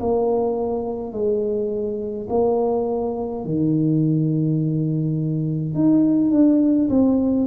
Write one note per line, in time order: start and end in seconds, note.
0.00 1.12 A#3
1.12 2.28 G#3
2.30 3.45 A#3
3.45 5.74 D#3
5.74 6.31 D#4
6.31 6.89 D4
6.89 7.47 C4